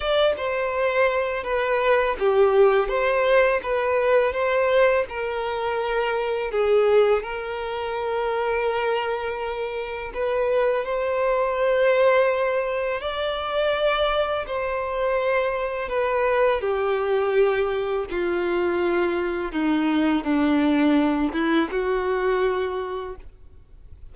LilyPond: \new Staff \with { instrumentName = "violin" } { \time 4/4 \tempo 4 = 83 d''8 c''4. b'4 g'4 | c''4 b'4 c''4 ais'4~ | ais'4 gis'4 ais'2~ | ais'2 b'4 c''4~ |
c''2 d''2 | c''2 b'4 g'4~ | g'4 f'2 dis'4 | d'4. e'8 fis'2 | }